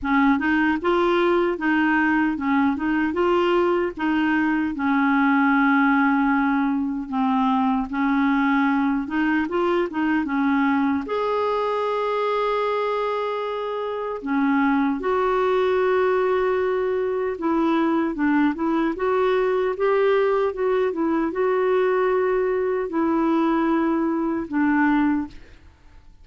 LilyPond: \new Staff \with { instrumentName = "clarinet" } { \time 4/4 \tempo 4 = 76 cis'8 dis'8 f'4 dis'4 cis'8 dis'8 | f'4 dis'4 cis'2~ | cis'4 c'4 cis'4. dis'8 | f'8 dis'8 cis'4 gis'2~ |
gis'2 cis'4 fis'4~ | fis'2 e'4 d'8 e'8 | fis'4 g'4 fis'8 e'8 fis'4~ | fis'4 e'2 d'4 | }